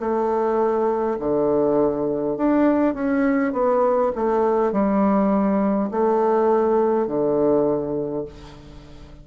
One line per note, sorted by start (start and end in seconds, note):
0.00 1.18 A3
1.19 2.37 D3
2.37 2.94 D4
2.94 3.53 C#4
3.53 4.12 B3
4.16 4.72 A3
4.72 5.90 G3
5.91 7.07 A3
7.07 8.25 D3